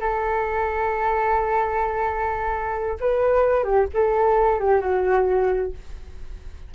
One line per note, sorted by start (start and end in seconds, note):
0.00 2.98 A4
3.00 3.63 B4
3.63 3.86 G4
3.93 4.59 A4
4.59 4.80 G4
4.80 5.72 F#4